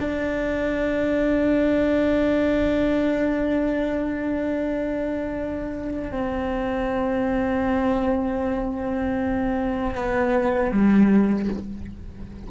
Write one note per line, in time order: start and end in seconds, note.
0.00 6.12 D4
6.12 9.95 C4
9.95 10.72 B3
10.72 11.49 G3